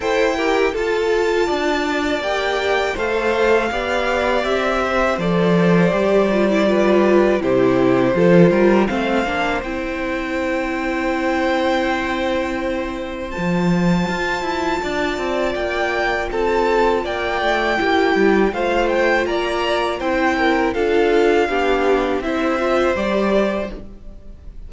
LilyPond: <<
  \new Staff \with { instrumentName = "violin" } { \time 4/4 \tempo 4 = 81 g''4 a''2 g''4 | f''2 e''4 d''4~ | d''2 c''2 | f''4 g''2.~ |
g''2 a''2~ | a''4 g''4 a''4 g''4~ | g''4 f''8 g''8 ais''4 g''4 | f''2 e''4 d''4 | }
  \new Staff \with { instrumentName = "violin" } { \time 4/4 c''8 ais'8 a'4 d''2 | c''4 d''4. c''4.~ | c''4 b'4 g'4 a'8 ais'8 | c''1~ |
c''1 | d''2 a'4 d''4 | g'4 c''4 d''4 c''8 ais'8 | a'4 g'4 c''2 | }
  \new Staff \with { instrumentName = "viola" } { \time 4/4 a'8 g'8 f'2 g'4 | a'4 g'2 a'4 | g'8 f'16 e'16 f'4 e'4 f'4 | c'8 d'8 e'2.~ |
e'2 f'2~ | f'1 | e'4 f'2 e'4 | f'4 d'4 e'8 f'8 g'4 | }
  \new Staff \with { instrumentName = "cello" } { \time 4/4 e'4 f'4 d'4 ais4 | a4 b4 c'4 f4 | g2 c4 f8 g8 | a8 ais8 c'2.~ |
c'2 f4 f'8 e'8 | d'8 c'8 ais4 c'4 ais8 a8 | ais8 g8 a4 ais4 c'4 | d'4 b4 c'4 g4 | }
>>